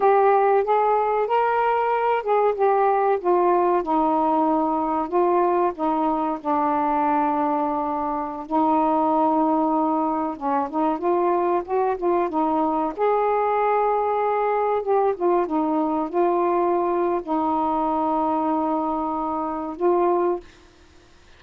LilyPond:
\new Staff \with { instrumentName = "saxophone" } { \time 4/4 \tempo 4 = 94 g'4 gis'4 ais'4. gis'8 | g'4 f'4 dis'2 | f'4 dis'4 d'2~ | d'4~ d'16 dis'2~ dis'8.~ |
dis'16 cis'8 dis'8 f'4 fis'8 f'8 dis'8.~ | dis'16 gis'2. g'8 f'16~ | f'16 dis'4 f'4.~ f'16 dis'4~ | dis'2. f'4 | }